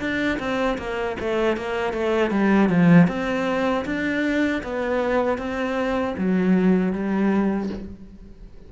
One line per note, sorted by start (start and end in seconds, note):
0.00 0.38 D4
0.39 0.78 C4
0.78 1.16 A#3
1.20 1.57 A3
1.57 1.93 A#3
1.93 2.31 A3
2.31 2.69 G3
2.69 3.08 F3
3.08 3.85 C4
3.85 4.62 D4
4.63 5.38 B3
5.38 6.15 C4
6.18 6.93 F#3
6.93 7.70 G3